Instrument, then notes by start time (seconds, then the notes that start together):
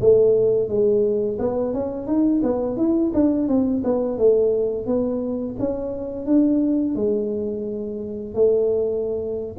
tuba
0.00 A3
0.68 G#3
1.39 B3
1.73 C#4
2.06 D#4
2.43 B3
2.77 E4
3.14 D4
3.48 C4
3.84 B3
4.18 A3
4.86 B3
5.58 C#4
6.26 D4
6.95 G#3
8.34 A3